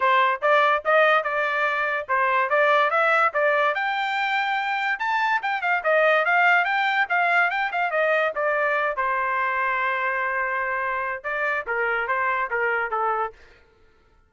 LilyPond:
\new Staff \with { instrumentName = "trumpet" } { \time 4/4 \tempo 4 = 144 c''4 d''4 dis''4 d''4~ | d''4 c''4 d''4 e''4 | d''4 g''2. | a''4 g''8 f''8 dis''4 f''4 |
g''4 f''4 g''8 f''8 dis''4 | d''4. c''2~ c''8~ | c''2. d''4 | ais'4 c''4 ais'4 a'4 | }